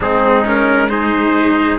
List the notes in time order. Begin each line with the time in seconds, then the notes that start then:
0.00 G#3 C4 D#4 G#4
0.45 C#4 A#4
0.88 D#4 G#4 C5